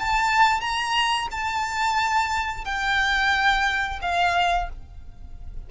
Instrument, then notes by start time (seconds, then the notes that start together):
violin
0.00 A5
0.61 A#5
1.31 A5
2.65 G5
4.02 F5